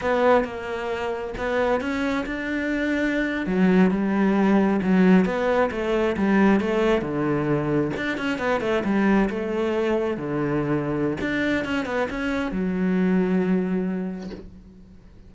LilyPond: \new Staff \with { instrumentName = "cello" } { \time 4/4 \tempo 4 = 134 b4 ais2 b4 | cis'4 d'2~ d'8. fis16~ | fis8. g2 fis4 b16~ | b8. a4 g4 a4 d16~ |
d4.~ d16 d'8 cis'8 b8 a8 g16~ | g8. a2 d4~ d16~ | d4 d'4 cis'8 b8 cis'4 | fis1 | }